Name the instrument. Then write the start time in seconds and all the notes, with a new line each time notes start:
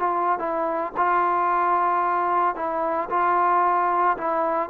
trombone
0.00 F4
0.39 E4
0.97 F4
2.56 E4
3.10 F4
4.18 E4